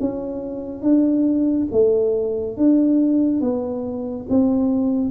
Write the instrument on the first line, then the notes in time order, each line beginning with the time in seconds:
tuba
0.00 C#4
0.82 D4
1.71 A3
2.57 D4
3.41 B3
4.29 C4